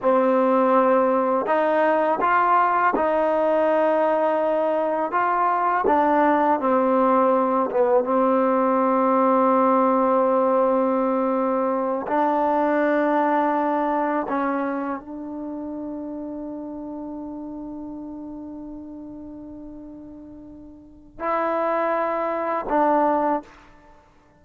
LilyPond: \new Staff \with { instrumentName = "trombone" } { \time 4/4 \tempo 4 = 82 c'2 dis'4 f'4 | dis'2. f'4 | d'4 c'4. b8 c'4~ | c'1~ |
c'8 d'2. cis'8~ | cis'8 d'2.~ d'8~ | d'1~ | d'4 e'2 d'4 | }